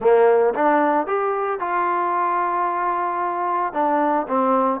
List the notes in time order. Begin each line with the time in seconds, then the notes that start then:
0.00 A#3
0.54 D4
1.06 G4
1.59 F4
3.73 D4
4.27 C4